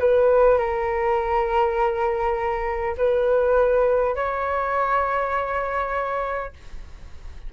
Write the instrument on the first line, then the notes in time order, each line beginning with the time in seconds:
flute
0.00 B4
0.59 A#4
2.98 B4
4.16 C#5